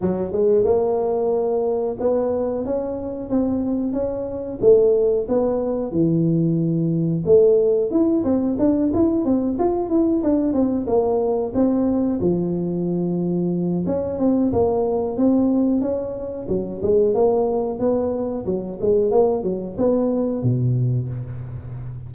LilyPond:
\new Staff \with { instrumentName = "tuba" } { \time 4/4 \tempo 4 = 91 fis8 gis8 ais2 b4 | cis'4 c'4 cis'4 a4 | b4 e2 a4 | e'8 c'8 d'8 e'8 c'8 f'8 e'8 d'8 |
c'8 ais4 c'4 f4.~ | f4 cis'8 c'8 ais4 c'4 | cis'4 fis8 gis8 ais4 b4 | fis8 gis8 ais8 fis8 b4 b,4 | }